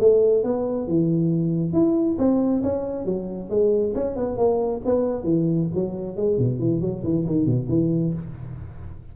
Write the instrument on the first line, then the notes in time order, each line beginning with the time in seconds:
tuba
0.00 A3
0.44 B3
0.87 E3
1.73 E4
2.18 C4
2.63 C#4
3.05 F#3
3.50 G#3
3.95 C#4
4.16 B3
4.37 A#3
4.85 B3
5.24 E3
5.75 F#3
6.17 G#3
6.38 B2
6.59 E3
6.81 F#3
7.04 E3
7.26 D#3
7.46 B2
7.69 E3